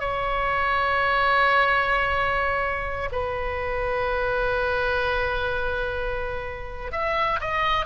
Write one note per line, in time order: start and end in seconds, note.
0.00 3.10 C#5
3.12 6.92 B4
6.92 7.40 E5
7.41 7.86 D#5